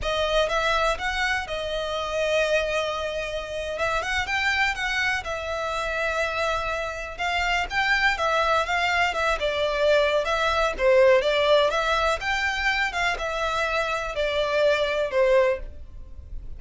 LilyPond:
\new Staff \with { instrumentName = "violin" } { \time 4/4 \tempo 4 = 123 dis''4 e''4 fis''4 dis''4~ | dis''2.~ dis''8. e''16~ | e''16 fis''8 g''4 fis''4 e''4~ e''16~ | e''2~ e''8. f''4 g''16~ |
g''8. e''4 f''4 e''8 d''8.~ | d''4 e''4 c''4 d''4 | e''4 g''4. f''8 e''4~ | e''4 d''2 c''4 | }